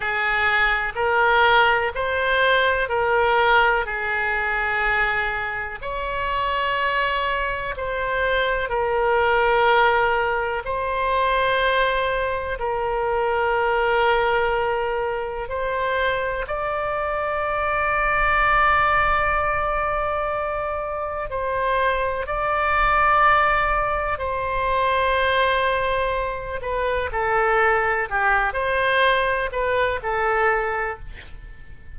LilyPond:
\new Staff \with { instrumentName = "oboe" } { \time 4/4 \tempo 4 = 62 gis'4 ais'4 c''4 ais'4 | gis'2 cis''2 | c''4 ais'2 c''4~ | c''4 ais'2. |
c''4 d''2.~ | d''2 c''4 d''4~ | d''4 c''2~ c''8 b'8 | a'4 g'8 c''4 b'8 a'4 | }